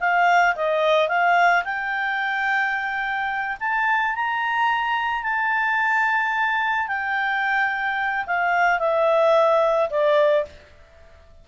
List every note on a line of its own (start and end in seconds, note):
0.00 0.55 F5
0.56 1.09 D#5
1.09 1.64 F5
1.64 3.57 G5
3.60 4.15 A5
4.15 5.23 A#5
5.23 6.88 A5
6.88 8.25 G5
8.26 8.79 F5
8.79 9.89 E5
9.90 10.45 D5